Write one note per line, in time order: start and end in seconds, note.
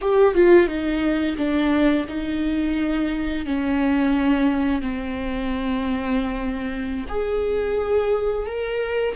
0.01 0.34 G4
0.34 0.67 F4
0.67 1.36 D#4
1.37 2.06 D4
2.08 3.45 D#4
3.45 4.81 C#4
4.81 7.05 C4
7.08 8.46 G#4
8.46 9.15 A#4